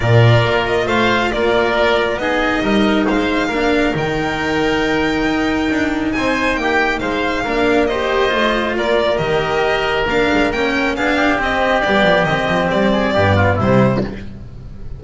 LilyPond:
<<
  \new Staff \with { instrumentName = "violin" } { \time 4/4 \tempo 4 = 137 d''4. dis''8 f''4 d''4~ | d''4 dis''2 f''4~ | f''4 g''2.~ | g''2 gis''4 g''4 |
f''2 dis''2 | d''4 dis''2 f''4 | g''4 f''4 dis''4 d''4 | dis''4 d''2 c''4 | }
  \new Staff \with { instrumentName = "oboe" } { \time 4/4 ais'2 c''4 ais'4~ | ais'4 gis'4 ais'4 c''4 | ais'1~ | ais'2 c''4 g'4 |
c''4 ais'4 c''2 | ais'1~ | ais'4 gis'8 g'2~ g'8~ | g'4. gis'8 g'8 f'8 e'4 | }
  \new Staff \with { instrumentName = "cello" } { \time 4/4 f'1~ | f'4 dis'2. | d'4 dis'2.~ | dis'1~ |
dis'4 d'4 g'4 f'4~ | f'4 g'2 d'4 | cis'4 d'4 c'4 b4 | c'2 b4 g4 | }
  \new Staff \with { instrumentName = "double bass" } { \time 4/4 ais,4 ais4 a4 ais4~ | ais4 b4 g4 gis4 | ais4 dis2. | dis'4 d'4 c'4 ais4 |
gis4 ais2 a4 | ais4 dis2 ais8 gis8 | ais4 b4 c'4 g8 f8 | dis8 f8 g4 g,4 c4 | }
>>